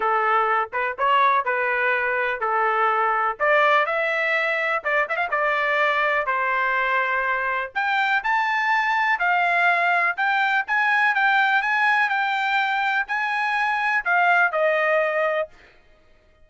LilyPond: \new Staff \with { instrumentName = "trumpet" } { \time 4/4 \tempo 4 = 124 a'4. b'8 cis''4 b'4~ | b'4 a'2 d''4 | e''2 d''8 e''16 f''16 d''4~ | d''4 c''2. |
g''4 a''2 f''4~ | f''4 g''4 gis''4 g''4 | gis''4 g''2 gis''4~ | gis''4 f''4 dis''2 | }